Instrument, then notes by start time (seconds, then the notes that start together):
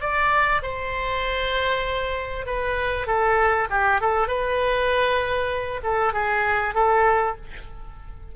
oboe
0.00 D5
0.62 C5
2.46 B4
3.07 A4
3.70 G4
4.00 A4
4.27 B4
5.83 A4
6.13 G#4
6.74 A4